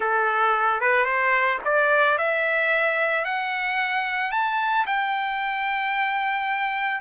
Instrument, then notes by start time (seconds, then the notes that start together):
trumpet
0.00 A4
0.81 B4
1.05 C5
1.64 D5
2.17 E5
3.24 F#5
4.31 A5
4.86 G5